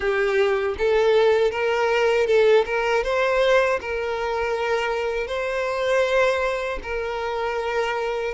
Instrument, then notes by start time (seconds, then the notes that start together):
violin
0.00 G4
0.78 A4
1.51 A#4
2.26 A4
2.65 A#4
3.03 C5
3.80 A#4
5.27 C5
6.83 A#4